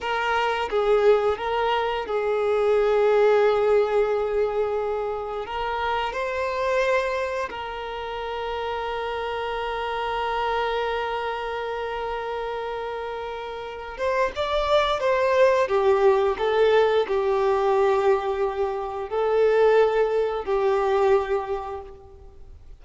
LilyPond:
\new Staff \with { instrumentName = "violin" } { \time 4/4 \tempo 4 = 88 ais'4 gis'4 ais'4 gis'4~ | gis'1 | ais'4 c''2 ais'4~ | ais'1~ |
ais'1~ | ais'8 c''8 d''4 c''4 g'4 | a'4 g'2. | a'2 g'2 | }